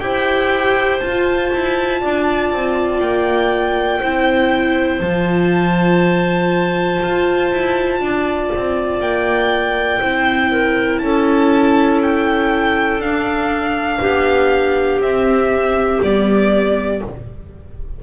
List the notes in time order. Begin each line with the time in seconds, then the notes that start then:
0.00 E4 G4 C5 G5
1.00 F4 A5
1.53 E4
2.00 D4 D5
2.52 C4
3.00 A#3 G5
4.00 C4 E4 C5
5.01 F3 F4 A5
7.03 F4
7.52 E4
8.00 D4 D5
8.56 C4
9.01 A#3 G5
10.01 C4 E4 C5
10.51 A#4
10.99 C#4 A4 A5
12.02 G5
12.99 D4 F5
14.00 B3 G4
15.00 C4 E5
16.02 G3 B3 D5